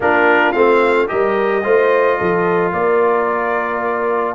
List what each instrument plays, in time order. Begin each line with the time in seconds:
0.00 tuba A#3, trombone D4, horn F4, trumpet A#4
0.52 tuba A3, trombone C4, trumpet F5
1.07 tuba G3, trombone G4, horn A#4, trumpet D#5
1.63 tuba A3, trombone F4, horn C5
2.18 tuba F3, horn A4
2.72 tuba A#3, horn A#4, trumpet D5